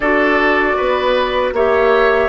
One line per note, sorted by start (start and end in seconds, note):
0.00 0.74 D4
0.00 1.55 F#4
0.00 0.76 A4
0.00 1.51 D5
0.76 1.53 B3
0.76 1.53 B4
1.53 2.28 A#3
1.53 2.28 G4
1.53 2.28 C#5
1.53 2.28 E5